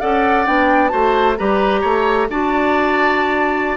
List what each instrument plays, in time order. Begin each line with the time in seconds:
0.00 bassoon C#4, clarinet A4, oboe D5, flute F#5
0.46 bassoon B3, clarinet D4, flute G5
0.88 bassoon A3, clarinet F#4, oboe C5, flute A5
1.37 bassoon G3, clarinet G4, oboe B4, flute A#5
1.81 bassoon A3, oboe C#5
2.29 bassoon D4, clarinet F#4, oboe D5, flute A5